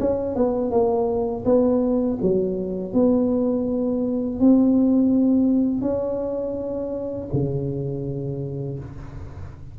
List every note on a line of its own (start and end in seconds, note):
0.00 0.36 C#4
0.36 0.71 B3
0.71 1.44 A#3
1.45 2.19 B3
2.22 2.94 F#3
2.94 4.40 B3
4.40 5.82 C4
5.82 7.28 C#4
7.33 8.79 C#3